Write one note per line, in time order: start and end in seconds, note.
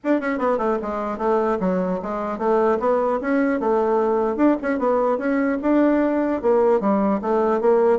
0.04 0.20 D4
0.20 0.38 C#4
0.38 0.58 B3
0.58 0.78 A3
0.82 1.17 G#3
1.17 1.57 A3
1.60 2.00 F#3
2.02 2.38 G#3
2.38 2.78 A3
2.79 3.19 B3
3.21 3.60 C#4
3.60 4.36 A3
4.36 4.56 D4
4.62 4.79 C#4
4.79 5.18 B3
5.18 5.58 C#4
5.62 6.41 D4
6.41 6.80 A#3
6.80 7.20 G3
7.21 7.60 A3
7.60 7.99 A#3